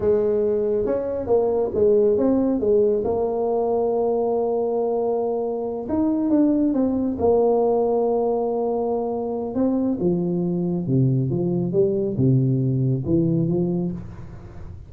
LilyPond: \new Staff \with { instrumentName = "tuba" } { \time 4/4 \tempo 4 = 138 gis2 cis'4 ais4 | gis4 c'4 gis4 ais4~ | ais1~ | ais4. dis'4 d'4 c'8~ |
c'8 ais2.~ ais8~ | ais2 c'4 f4~ | f4 c4 f4 g4 | c2 e4 f4 | }